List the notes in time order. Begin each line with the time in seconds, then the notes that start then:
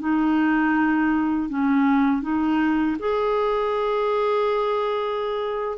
0.00 D#4
1.50 C#4
2.22 D#4
3.00 G#4